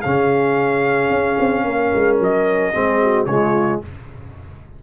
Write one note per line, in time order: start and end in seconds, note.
0.00 1.10 C#3
0.00 2.73 C#4
0.00 1.62 G#4
0.00 2.17 F5
1.10 1.37 C#4
1.39 1.64 C4
1.64 1.91 A#3
1.64 2.73 A#4
1.95 2.19 G#3
2.19 2.73 F#3
2.19 3.25 D#5
2.73 3.25 G#3
2.73 3.27 C4
2.73 3.00 G#4
3.01 3.28 F#4
3.25 3.79 C#3
3.25 3.82 G#3
3.25 3.83 F4
3.25 3.79 C#5